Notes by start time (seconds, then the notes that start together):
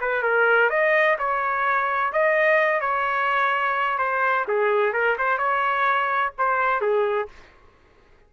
0.00 B4
0.22 A#4
0.69 D#5
1.18 C#5
2.12 D#5
2.80 C#5
3.98 C5
4.47 G#4
4.92 A#4
5.18 C5
5.38 C#5
6.38 C5
6.81 G#4